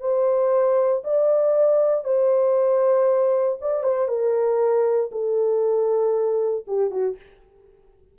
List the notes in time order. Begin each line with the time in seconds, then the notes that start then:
0.00 C5
1.04 D5
2.05 C5
3.61 D5
3.83 C5
4.08 A#4
5.12 A4
6.67 G4
6.91 F#4